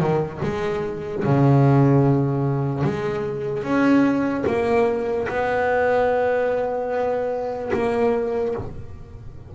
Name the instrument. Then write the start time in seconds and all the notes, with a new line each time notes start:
double bass
0.00 D#3
0.43 G#3
1.25 C#3
2.84 G#3
3.64 C#4
4.47 A#3
5.29 B3
7.74 A#3